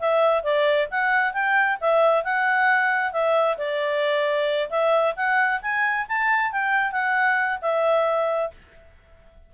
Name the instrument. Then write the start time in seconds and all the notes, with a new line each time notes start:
clarinet
0.00 E5
0.44 D5
0.91 F#5
1.34 G5
1.81 E5
2.24 F#5
3.13 E5
3.58 D5
4.70 E5
5.16 F#5
5.62 G#5
6.09 A5
6.52 G5
6.92 F#5
7.62 E5